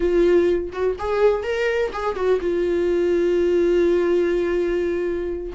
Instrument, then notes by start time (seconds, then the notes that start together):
viola
0.00 F4
0.72 F#4
0.98 G#4
1.43 A#4
1.92 G#4
2.15 F#4
2.40 F4